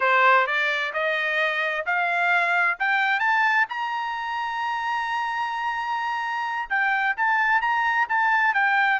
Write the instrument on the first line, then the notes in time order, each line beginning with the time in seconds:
trumpet
0.00 C5
0.46 D5
0.93 D#5
1.85 F5
2.79 G5
3.19 A5
3.69 A#5
6.69 G5
7.16 A5
7.61 A#5
8.09 A5
8.54 G5